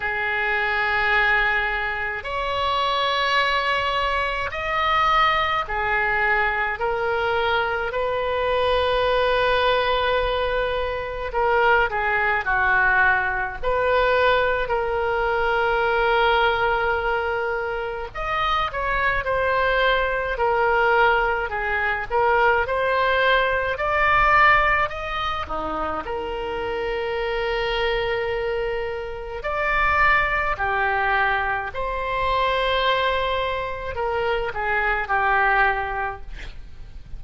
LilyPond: \new Staff \with { instrumentName = "oboe" } { \time 4/4 \tempo 4 = 53 gis'2 cis''2 | dis''4 gis'4 ais'4 b'4~ | b'2 ais'8 gis'8 fis'4 | b'4 ais'2. |
dis''8 cis''8 c''4 ais'4 gis'8 ais'8 | c''4 d''4 dis''8 dis'8 ais'4~ | ais'2 d''4 g'4 | c''2 ais'8 gis'8 g'4 | }